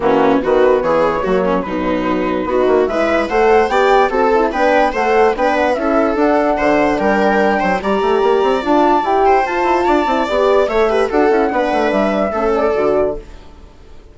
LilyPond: <<
  \new Staff \with { instrumentName = "flute" } { \time 4/4 \tempo 4 = 146 fis'4 b'4 cis''2 | b'2. e''4 | fis''4 g''4 a''4 g''4 | fis''4 g''8 fis''8 e''4 fis''4~ |
fis''4 g''2 ais''4~ | ais''4 a''4 g''4 a''4~ | a''4 d''4 e''4 fis''4~ | fis''4 e''4. d''4. | }
  \new Staff \with { instrumentName = "viola" } { \time 4/4 cis'4 fis'4 gis'4 fis'8 cis'8 | dis'2 fis'4 b'4 | c''4 d''4 a'4 b'4 | c''4 b'4 a'2 |
c''4 ais'4. c''8 d''4~ | d''2~ d''8 c''4. | d''2 cis''8 b'8 a'4 | b'2 a'2 | }
  \new Staff \with { instrumentName = "horn" } { \time 4/4 ais4 b2 ais4 | fis2 dis'4 e'4 | a'4 g'4 fis'8 e'8 d'4 | a'4 d'4 e'4 d'4~ |
d'2. g'4~ | g'4 f'4 g'4 f'4~ | f'8 e'8 g'4 a'8 g'8 fis'8 e'8 | d'2 cis'4 fis'4 | }
  \new Staff \with { instrumentName = "bassoon" } { \time 4/4 e4 dis4 e4 fis4 | b,2 b8 ais8 gis4 | a4 b4 c'4 b4 | a4 b4 cis'4 d'4 |
d4 g4. fis8 g8 a8 | ais8 c'8 d'4 e'4 f'8 e'8 | d'8 c'8 b4 a4 d'8 cis'8 | b8 a8 g4 a4 d4 | }
>>